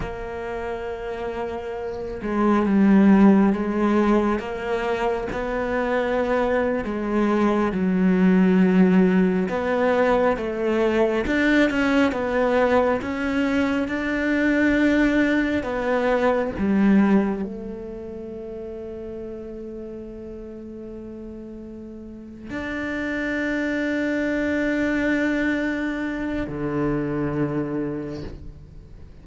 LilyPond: \new Staff \with { instrumentName = "cello" } { \time 4/4 \tempo 4 = 68 ais2~ ais8 gis8 g4 | gis4 ais4 b4.~ b16 gis16~ | gis8. fis2 b4 a16~ | a8. d'8 cis'8 b4 cis'4 d'16~ |
d'4.~ d'16 b4 g4 a16~ | a1~ | a4. d'2~ d'8~ | d'2 d2 | }